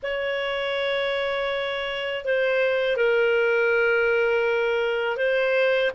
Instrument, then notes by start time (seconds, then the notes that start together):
clarinet
0.02 C#5
2.24 C5
2.96 A#4
5.16 C5